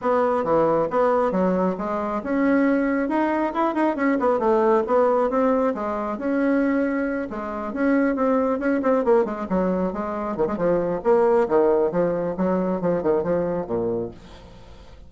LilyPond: \new Staff \with { instrumentName = "bassoon" } { \time 4/4 \tempo 4 = 136 b4 e4 b4 fis4 | gis4 cis'2 dis'4 | e'8 dis'8 cis'8 b8 a4 b4 | c'4 gis4 cis'2~ |
cis'8 gis4 cis'4 c'4 cis'8 | c'8 ais8 gis8 fis4 gis4 dis16 gis16 | f4 ais4 dis4 f4 | fis4 f8 dis8 f4 ais,4 | }